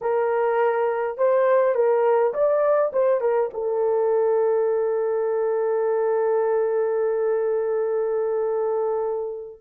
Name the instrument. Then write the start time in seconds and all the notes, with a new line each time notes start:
horn
0.01 A#4
1.17 C5
1.74 A#4
2.33 D5
2.92 C5
3.20 A#4
3.53 A4